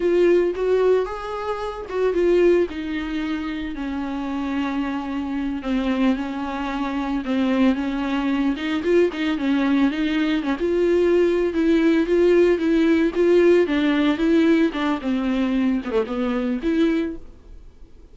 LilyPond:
\new Staff \with { instrumentName = "viola" } { \time 4/4 \tempo 4 = 112 f'4 fis'4 gis'4. fis'8 | f'4 dis'2 cis'4~ | cis'2~ cis'8 c'4 cis'8~ | cis'4. c'4 cis'4. |
dis'8 f'8 dis'8 cis'4 dis'4 cis'16 f'16~ | f'4. e'4 f'4 e'8~ | e'8 f'4 d'4 e'4 d'8 | c'4. b16 a16 b4 e'4 | }